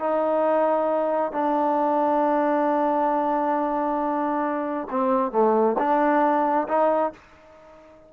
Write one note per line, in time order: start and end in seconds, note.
0.00 1.32 D#4
1.32 4.88 D4
4.91 5.32 C4
5.32 5.76 A3
5.79 6.68 D4
6.68 7.13 D#4